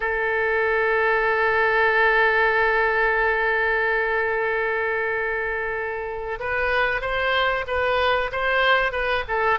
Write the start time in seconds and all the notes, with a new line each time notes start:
0.00 A4
6.39 B4
7.01 C5
7.67 B4
8.32 C5
8.92 B4
9.28 A4